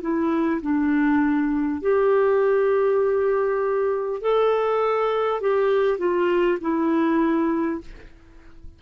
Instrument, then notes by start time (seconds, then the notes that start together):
clarinet
0.00 E4
0.61 D4
1.81 G4
4.21 A4
5.41 G4
5.97 F4
6.61 E4